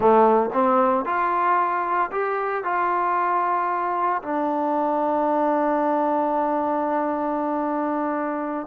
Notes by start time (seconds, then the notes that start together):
0.00 A3
0.53 C4
1.05 F4
2.11 G4
2.64 F4
4.22 D4